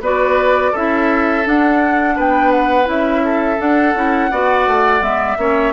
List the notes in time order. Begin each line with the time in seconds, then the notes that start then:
0.00 B3 F#4 B4 D5
0.72 C#4 E4 A4 E5
1.44 D4 F#5
2.15 B3 B4 G5
2.51 F#5
2.85 C#4 E4 E5
3.24 A4
3.58 D4 F#5
3.94 C#4 E4
4.31 B3 F#4 D5
4.67 A3
5.00 G#3 B3 E5
5.37 A#3 C#4 C#5